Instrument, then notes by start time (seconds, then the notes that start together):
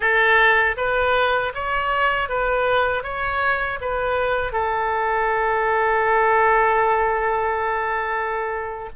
oboe
0.00 A4
0.77 B4
1.54 C#5
2.28 B4
3.03 C#5
3.80 B4
4.52 A4